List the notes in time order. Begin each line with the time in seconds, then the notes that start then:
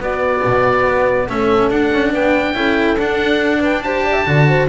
0.00 B3 F#4 D5
0.44 B2
0.87 B3
1.27 A3 C#4 A4 E5
1.70 D4 F#5
1.92 C#4
2.12 B3 B4 G5
2.54 C#4 E4 A4
2.98 D4 F#5
3.59 B4 G5
3.82 G4 C5 A5
4.04 D5
4.13 E5
4.26 D3 F#4 D5
4.48 C5